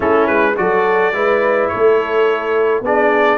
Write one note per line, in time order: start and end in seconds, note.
0.00 0.28 A3
0.00 0.55 C#4
0.00 0.54 E4
0.00 0.27 A4
0.27 0.56 G#3
0.27 0.55 B4
0.56 1.13 F#3
0.56 1.13 F#4
0.56 1.15 A4
0.56 1.68 D5
1.13 1.69 G#3
1.13 2.83 E4
1.13 1.71 B4
1.68 2.84 A4
1.68 2.81 C#5
1.74 2.80 A3
2.80 3.37 B3
2.80 3.38 D4
2.80 3.38 G#4
2.80 3.38 D5